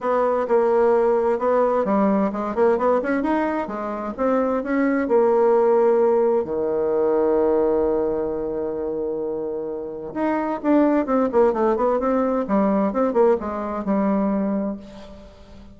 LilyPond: \new Staff \with { instrumentName = "bassoon" } { \time 4/4 \tempo 4 = 130 b4 ais2 b4 | g4 gis8 ais8 b8 cis'8 dis'4 | gis4 c'4 cis'4 ais4~ | ais2 dis2~ |
dis1~ | dis2 dis'4 d'4 | c'8 ais8 a8 b8 c'4 g4 | c'8 ais8 gis4 g2 | }